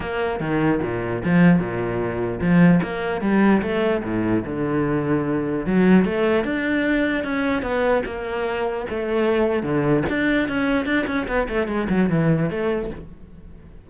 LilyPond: \new Staff \with { instrumentName = "cello" } { \time 4/4 \tempo 4 = 149 ais4 dis4 ais,4 f4 | ais,2 f4 ais4 | g4 a4 a,4 d4~ | d2 fis4 a4 |
d'2 cis'4 b4 | ais2 a2 | d4 d'4 cis'4 d'8 cis'8 | b8 a8 gis8 fis8 e4 a4 | }